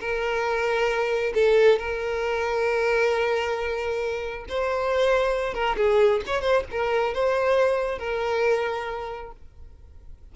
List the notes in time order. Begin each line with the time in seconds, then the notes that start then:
0.00 A#4
1.35 A4
1.79 A#4
4.49 C5
5.54 A#4
5.77 G#4
6.27 C#5
6.41 C5
6.71 A#4
7.14 C5
7.99 A#4